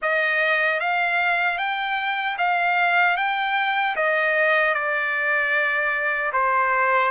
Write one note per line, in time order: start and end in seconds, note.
0.02 0.80 D#5
0.80 1.58 F5
1.58 2.36 G5
2.38 3.17 F5
3.17 3.95 G5
3.95 4.74 D#5
4.74 6.32 D5
6.33 7.11 C5